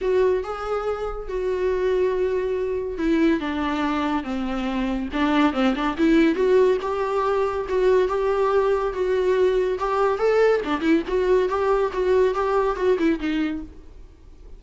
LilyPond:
\new Staff \with { instrumentName = "viola" } { \time 4/4 \tempo 4 = 141 fis'4 gis'2 fis'4~ | fis'2. e'4 | d'2 c'2 | d'4 c'8 d'8 e'4 fis'4 |
g'2 fis'4 g'4~ | g'4 fis'2 g'4 | a'4 d'8 e'8 fis'4 g'4 | fis'4 g'4 fis'8 e'8 dis'4 | }